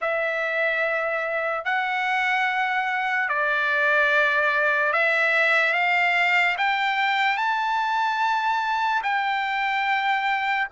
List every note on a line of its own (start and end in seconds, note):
0.01 1.64 E5
1.64 3.28 F#5
3.28 4.92 D5
4.92 5.73 E5
5.73 6.55 F5
6.57 7.37 G5
7.37 9.01 A5
9.03 10.67 G5